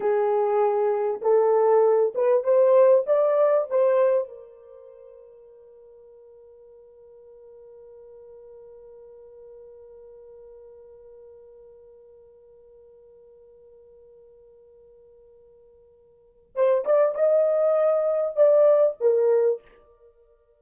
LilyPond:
\new Staff \with { instrumentName = "horn" } { \time 4/4 \tempo 4 = 98 gis'2 a'4. b'8 | c''4 d''4 c''4 ais'4~ | ais'1~ | ais'1~ |
ais'1~ | ais'1~ | ais'2. c''8 d''8 | dis''2 d''4 ais'4 | }